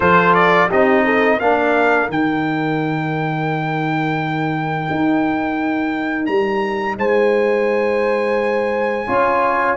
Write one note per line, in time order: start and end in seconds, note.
0.00 0.68 F3
0.00 0.69 F4
0.00 0.69 A4
0.00 0.34 C5
0.34 0.69 D5
0.69 1.41 C4
0.69 1.40 D#4
0.69 1.03 G4
0.69 1.39 D#5
1.04 1.39 A4
1.39 2.09 A#3
1.39 2.08 D4
1.39 6.98 A#4
1.39 2.09 F5
2.08 4.88 D#3
2.08 9.06 D#4
2.08 6.26 G5
4.90 6.27 D#4
6.26 6.97 G3
6.26 6.95 A#5
6.97 9.06 G#3
6.97 9.07 C5
6.97 9.76 G#5
9.07 9.76 C#4
9.07 9.76 F4
9.07 9.76 C#5